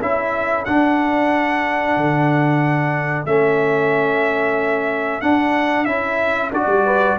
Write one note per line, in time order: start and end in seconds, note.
0.00 0.67 C#4
0.00 0.66 E4
0.00 6.85 A4
0.00 0.65 E5
0.65 1.97 D4
0.65 3.27 D4
0.65 3.26 F#5
1.97 3.26 D3
3.26 5.21 A3
3.26 5.22 C#4
3.26 5.21 E5
5.21 5.87 D4
5.21 5.86 D4
5.21 5.85 F#5
5.85 6.52 C#4
5.85 6.52 E4
5.85 6.51 E5
6.52 6.67 D4
6.52 7.19 F#4
6.52 7.19 D5
6.67 7.15 G3
6.85 7.18 B4